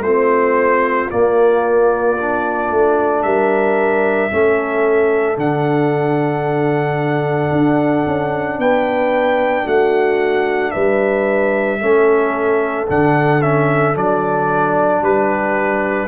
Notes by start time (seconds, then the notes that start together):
0.00 A3 C4 F4 C5
1.10 A#3 D5
2.17 D4
2.70 A3
3.22 G3 A#4 E5
4.30 A3 C#4 A4
5.36 D3 D4 F#5
7.51 D4
8.06 C#4
8.58 B3 B4 G5
9.64 A3 F#4 F#5
10.71 G3 B4 E5
11.79 A3 C#4 A4
12.87 D3 D4 F#5
13.42 C#4 E5
13.94 F#3 D4 D5
15.01 G3 G4 B4